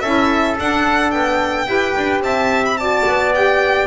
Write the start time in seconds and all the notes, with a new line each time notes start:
0.00 C#4 E4 A4 E5
0.57 D4 F#5
1.11 B3 G5
1.66 E4 G4 B4
1.97 D4
2.21 C4 E5 A5
2.66 B5
2.78 F#4 D5 A5
3.07 B3
3.34 G4 G5